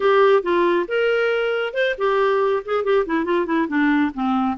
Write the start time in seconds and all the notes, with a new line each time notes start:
0.00 G4
0.42 F4
0.87 A#4
1.73 C5
1.97 G4
2.65 G#4
2.84 G4
3.06 E4
3.25 F4
3.45 E4
3.68 D4
4.13 C4